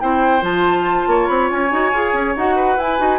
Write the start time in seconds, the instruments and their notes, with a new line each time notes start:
0.00 bassoon C4, clarinet E4, oboe C5, flute G5
0.41 bassoon F3, clarinet F4, flute A5
1.07 bassoon A#3, oboe C#5
1.27 bassoon C4, flute B5
1.50 bassoon C#4, flute G#5
1.71 bassoon D#4, clarinet F#4
1.93 bassoon F4, clarinet G#4
2.13 bassoon C#4
2.36 bassoon D#4, clarinet F#4, flute F#5
2.56 oboe B4
2.77 bassoon E4, clarinet E4, flute G#5
2.99 bassoon D#4, clarinet F#4